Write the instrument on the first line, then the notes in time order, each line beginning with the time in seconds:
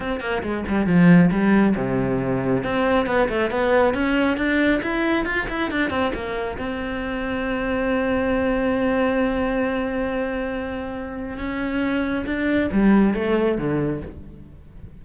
cello
0.00 C4
0.20 A#3
0.42 G#3
0.68 G3
0.86 F3
1.31 G3
1.76 C3
2.63 C4
3.06 B3
3.28 A3
3.50 B3
3.93 C#4
4.37 D4
4.82 E4
5.25 F4
5.49 E4
5.70 D4
5.90 C4
6.14 A#3
6.58 C4
11.37 C#4
12.26 D4
12.71 G3
13.14 A3
13.57 D3